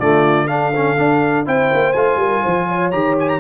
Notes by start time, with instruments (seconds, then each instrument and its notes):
0.00 tuba D3, trombone A3, horn F4, trumpet D5
0.47 trombone D4, horn A4, trumpet F5
0.76 trombone C#4
0.97 trombone D4, tuba D4
1.46 tuba C4, trombone E4, horn C5, trumpet G5
1.73 tuba A#3
1.93 tuba A3, trombone F4, trumpet G#5
2.16 tuba G3, horn A#4
2.43 tuba F3, horn C5
2.68 horn C#5
2.91 tuba D#3, trombone G4, trumpet A#5
3.20 trumpet G#5
3.29 trumpet A#5